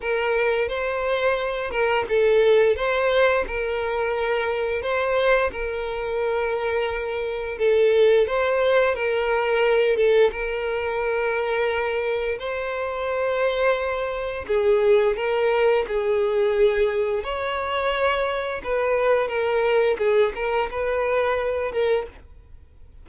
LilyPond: \new Staff \with { instrumentName = "violin" } { \time 4/4 \tempo 4 = 87 ais'4 c''4. ais'8 a'4 | c''4 ais'2 c''4 | ais'2. a'4 | c''4 ais'4. a'8 ais'4~ |
ais'2 c''2~ | c''4 gis'4 ais'4 gis'4~ | gis'4 cis''2 b'4 | ais'4 gis'8 ais'8 b'4. ais'8 | }